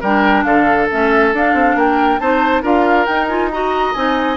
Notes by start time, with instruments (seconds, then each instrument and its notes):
0.00 bassoon G3, clarinet D4, oboe A#4, flute G5
0.44 bassoon D3, oboe A4, flute F5
0.90 bassoon A3, clarinet C#4, flute E5
1.32 bassoon D4, clarinet D4, flute F5
1.53 bassoon C4
1.75 bassoon A#3, oboe A#4, flute G5
2.19 bassoon C4, clarinet D#4, oboe C5, flute A5
2.62 bassoon D4, clarinet F4, oboe A#4, flute F5
3.05 bassoon D#4, clarinet D#4, flute G5
3.28 clarinet F4, flute G#5
3.51 clarinet F#4, oboe D#5, flute A#5
3.94 bassoon C4, clarinet D#4, flute G#5